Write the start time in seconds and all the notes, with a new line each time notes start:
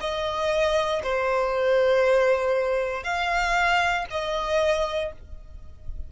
0.00 D#5
1.03 C5
3.03 F5
4.10 D#5